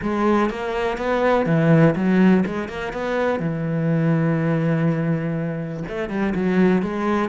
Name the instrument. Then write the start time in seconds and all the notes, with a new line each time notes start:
cello
0.02 G#3
0.50 A#3
0.97 B3
1.45 E3
1.95 F#3
2.45 G#3
2.68 A#3
2.92 B3
3.39 E3
5.88 A3
6.09 G3
6.34 F#3
6.82 G#3